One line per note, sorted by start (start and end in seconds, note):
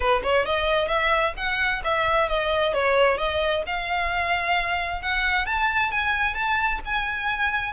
0.00 0.22 B4
0.23 0.45 C#5
0.45 0.88 D#5
0.88 1.33 E5
1.36 1.82 F#5
1.83 2.29 E5
2.29 2.73 D#5
2.73 3.17 C#5
3.17 3.63 D#5
3.66 5.02 F5
5.02 5.46 F#5
5.46 5.91 A5
5.91 6.34 G#5
6.34 6.79 A5
6.85 7.72 G#5